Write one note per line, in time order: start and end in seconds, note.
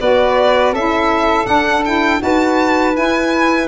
0.00 0.72 B3
0.00 0.75 F#4
0.00 0.73 B4
0.00 0.74 D5
0.72 1.46 C#4
0.72 1.44 E4
0.72 2.21 A4
0.72 1.47 E5
1.44 1.81 D4
1.44 2.21 D4
1.44 1.84 F#5
1.85 2.19 E4
1.85 2.22 G5
2.19 2.96 D#4
2.19 2.93 F#4
2.19 3.68 B4
2.19 2.97 A5
2.94 3.68 E4
2.94 3.68 G#5